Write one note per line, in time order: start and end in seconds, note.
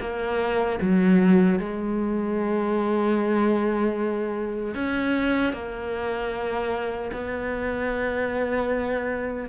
0.00 0.79 A#3
0.81 1.59 F#3
1.59 4.74 G#3
4.74 5.53 C#4
5.53 7.11 A#3
7.12 9.49 B3